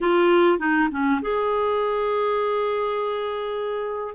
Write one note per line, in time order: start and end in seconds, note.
0.00 0.59 F4
0.59 0.88 D#4
0.91 1.20 C#4
1.21 4.14 G#4